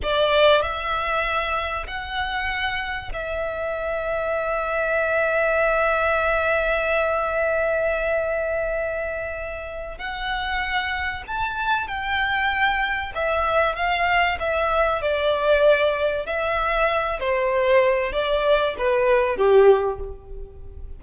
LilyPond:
\new Staff \with { instrumentName = "violin" } { \time 4/4 \tempo 4 = 96 d''4 e''2 fis''4~ | fis''4 e''2.~ | e''1~ | e''1 |
fis''2 a''4 g''4~ | g''4 e''4 f''4 e''4 | d''2 e''4. c''8~ | c''4 d''4 b'4 g'4 | }